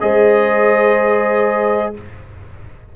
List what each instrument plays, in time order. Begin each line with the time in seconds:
0.00 tuba G#3, trombone G#4, horn C5, trumpet D#5